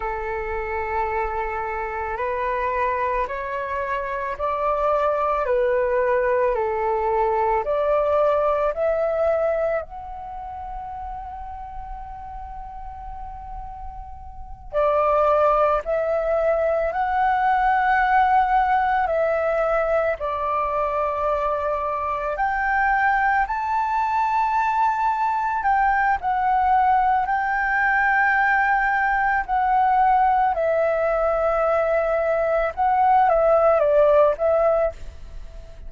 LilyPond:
\new Staff \with { instrumentName = "flute" } { \time 4/4 \tempo 4 = 55 a'2 b'4 cis''4 | d''4 b'4 a'4 d''4 | e''4 fis''2.~ | fis''4. d''4 e''4 fis''8~ |
fis''4. e''4 d''4.~ | d''8 g''4 a''2 g''8 | fis''4 g''2 fis''4 | e''2 fis''8 e''8 d''8 e''8 | }